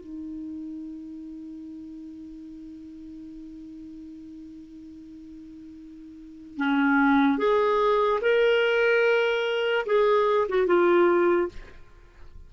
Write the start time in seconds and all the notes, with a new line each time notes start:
0.00 D#4
6.57 C#4
7.37 G#4
8.21 A#4
9.86 G#4
10.48 F#4
10.66 F4